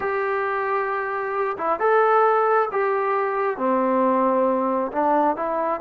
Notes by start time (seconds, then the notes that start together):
0.00 G4
1.57 E4
1.79 A4
2.71 G4
3.57 C4
4.91 D4
5.36 E4